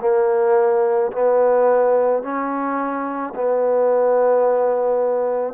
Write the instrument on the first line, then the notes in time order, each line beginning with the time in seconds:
trombone
0.00 A#3
1.12 B3
2.22 C#4
3.35 B3